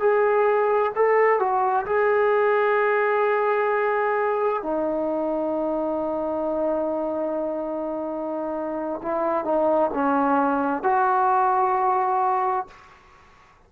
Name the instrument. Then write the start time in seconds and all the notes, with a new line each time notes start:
trombone
0.00 G#4
0.95 A4
1.39 F#4
1.86 G#4
4.62 D#4
9.02 E4
9.44 D#4
9.94 C#4
10.83 F#4